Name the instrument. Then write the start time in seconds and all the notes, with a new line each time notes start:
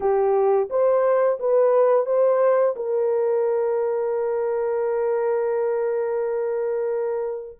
horn
0.00 G4
0.70 C5
1.39 B4
2.05 C5
2.76 A#4